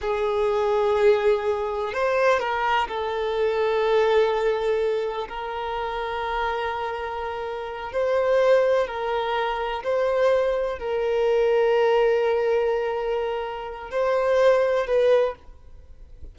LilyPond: \new Staff \with { instrumentName = "violin" } { \time 4/4 \tempo 4 = 125 gis'1 | c''4 ais'4 a'2~ | a'2. ais'4~ | ais'1~ |
ais'8 c''2 ais'4.~ | ais'8 c''2 ais'4.~ | ais'1~ | ais'4 c''2 b'4 | }